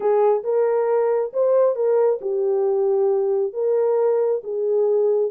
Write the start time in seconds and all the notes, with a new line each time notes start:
0.00 G#4
0.43 A#4
1.33 C5
1.75 A#4
2.21 G4
3.53 A#4
4.43 G#4